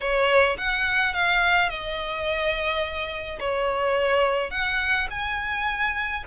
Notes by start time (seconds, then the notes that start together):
0.00 C#5
0.57 F#5
1.13 F5
1.69 D#5
3.39 C#5
4.51 F#5
5.10 G#5